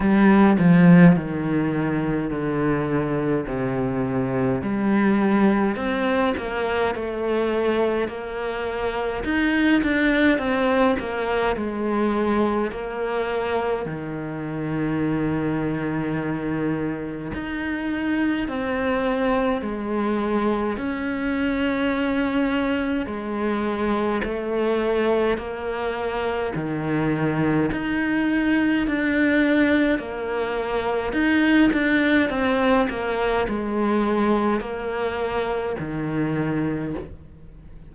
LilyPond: \new Staff \with { instrumentName = "cello" } { \time 4/4 \tempo 4 = 52 g8 f8 dis4 d4 c4 | g4 c'8 ais8 a4 ais4 | dis'8 d'8 c'8 ais8 gis4 ais4 | dis2. dis'4 |
c'4 gis4 cis'2 | gis4 a4 ais4 dis4 | dis'4 d'4 ais4 dis'8 d'8 | c'8 ais8 gis4 ais4 dis4 | }